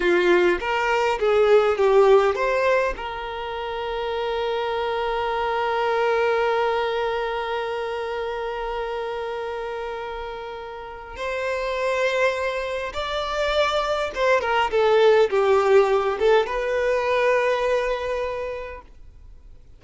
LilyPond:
\new Staff \with { instrumentName = "violin" } { \time 4/4 \tempo 4 = 102 f'4 ais'4 gis'4 g'4 | c''4 ais'2.~ | ais'1~ | ais'1~ |
ais'2. c''4~ | c''2 d''2 | c''8 ais'8 a'4 g'4. a'8 | b'1 | }